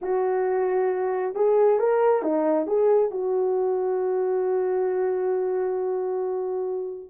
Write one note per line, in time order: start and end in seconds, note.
0.01 1.34 F#4
1.34 1.79 G#4
1.79 2.22 A#4
2.22 2.66 D#4
2.66 3.10 G#4
3.10 7.09 F#4